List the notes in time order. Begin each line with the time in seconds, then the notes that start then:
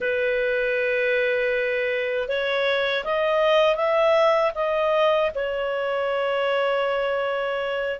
0.00 B4
2.28 C#5
3.04 D#5
3.75 E5
4.54 D#5
5.34 C#5